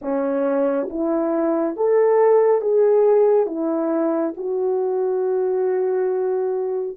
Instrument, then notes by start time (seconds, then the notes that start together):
horn
0.01 C#4
0.89 E4
1.76 A4
2.61 G#4
3.46 E4
4.36 F#4